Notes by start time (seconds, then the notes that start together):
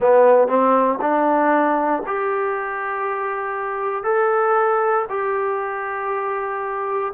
0.00 B3
0.48 C4
1.01 D4
2.06 G4
4.04 A4
5.09 G4